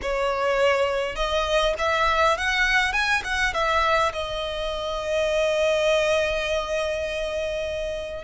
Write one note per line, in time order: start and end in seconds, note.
0.02 1.15 C#5
1.15 1.74 D#5
1.78 2.37 E5
2.37 2.93 F#5
2.93 3.22 G#5
3.24 3.53 F#5
3.53 4.12 E5
4.12 8.24 D#5